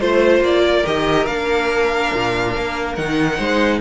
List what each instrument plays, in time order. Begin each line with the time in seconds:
0.00 cello A3, viola F4, violin C5
0.40 cello A#3, violin D5
0.62 violin A#4
0.85 cello D#3, viola G4, violin D#5
1.26 cello A#3, viola D4, violin F5
2.14 cello A#2
2.56 cello A#3
2.96 cello D#3, viola D#4, violin F#5
3.37 cello G#3, violin C5